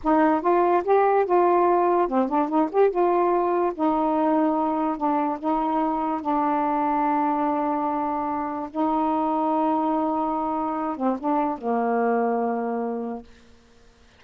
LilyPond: \new Staff \with { instrumentName = "saxophone" } { \time 4/4 \tempo 4 = 145 dis'4 f'4 g'4 f'4~ | f'4 c'8 d'8 dis'8 g'8 f'4~ | f'4 dis'2. | d'4 dis'2 d'4~ |
d'1~ | d'4 dis'2.~ | dis'2~ dis'8 c'8 d'4 | ais1 | }